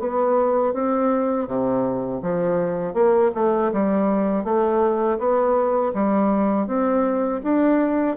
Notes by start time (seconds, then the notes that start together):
0.00 B3
0.74 C4
1.48 C3
2.23 F3
2.94 A#3
3.35 A3
3.73 G3
4.45 A3
5.19 B3
5.94 G3
6.67 C4
7.44 D4